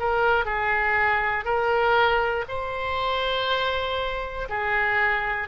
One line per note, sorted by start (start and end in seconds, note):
0.00 0.46 A#4
0.46 1.45 G#4
1.45 2.45 A#4
2.49 4.49 C5
4.50 5.49 G#4